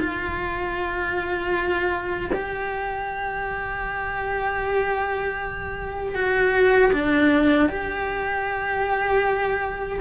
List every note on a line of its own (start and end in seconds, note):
0.00 2.31 F4
2.34 6.15 G4
6.15 6.92 F#4
6.93 7.69 D4
7.69 10.00 G4